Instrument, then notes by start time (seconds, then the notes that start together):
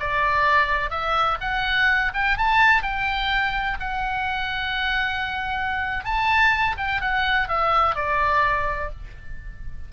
oboe
0.00 D5
0.90 E5
1.41 F#5
2.14 G5
2.38 A5
2.83 G5
3.80 F#5
6.05 A5
6.77 G5
7.01 F#5
7.48 E5
7.95 D5